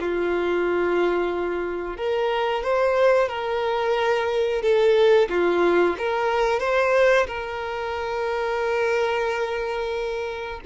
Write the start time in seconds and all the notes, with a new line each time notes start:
0.00 F4
1.97 A#4
2.64 C5
3.29 A#4
4.62 A4
5.30 F4
5.98 A#4
6.60 C5
7.27 A#4